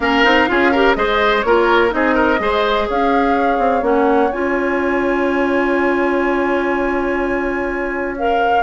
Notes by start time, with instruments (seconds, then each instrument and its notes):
0.00 bassoon A#3, clarinet C#4, oboe A#4, flute F5
0.24 bassoon C4, clarinet D#4
0.48 bassoon C#4, clarinet F4, oboe G#4
0.71 clarinet G4, oboe A#4
0.94 bassoon G#3, clarinet G#4, oboe C5, flute D#5
1.42 bassoon A#3, clarinet F4, oboe A#4, flute C#5
1.89 bassoon C4, clarinet D#4, oboe G#4, flute D#5
2.15 oboe A#4
2.38 bassoon G#3, clarinet G#4, oboe C5
2.88 bassoon C#4, oboe C#5, flute F5
3.58 bassoon C4
3.81 bassoon A#3, clarinet C#4, flute F#5
4.32 bassoon C#4, clarinet F4, flute G#5
8.18 clarinet A#4, flute F5